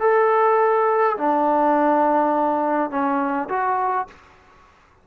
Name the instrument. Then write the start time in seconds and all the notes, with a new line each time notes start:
trombone
0.00 A4
1.17 D4
2.90 C#4
3.49 F#4